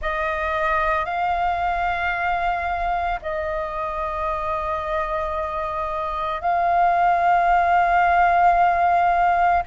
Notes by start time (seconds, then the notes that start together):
0.01 D#5
1.05 F5
3.21 D#5
6.41 F5